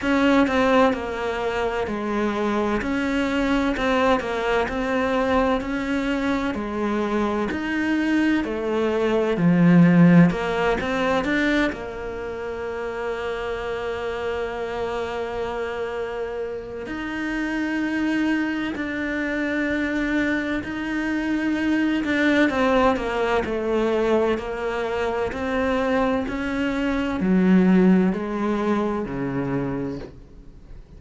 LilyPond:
\new Staff \with { instrumentName = "cello" } { \time 4/4 \tempo 4 = 64 cis'8 c'8 ais4 gis4 cis'4 | c'8 ais8 c'4 cis'4 gis4 | dis'4 a4 f4 ais8 c'8 | d'8 ais2.~ ais8~ |
ais2 dis'2 | d'2 dis'4. d'8 | c'8 ais8 a4 ais4 c'4 | cis'4 fis4 gis4 cis4 | }